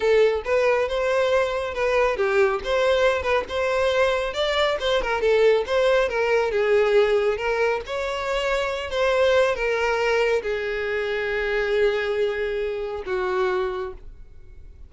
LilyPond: \new Staff \with { instrumentName = "violin" } { \time 4/4 \tempo 4 = 138 a'4 b'4 c''2 | b'4 g'4 c''4. b'8 | c''2 d''4 c''8 ais'8 | a'4 c''4 ais'4 gis'4~ |
gis'4 ais'4 cis''2~ | cis''8 c''4. ais'2 | gis'1~ | gis'2 fis'2 | }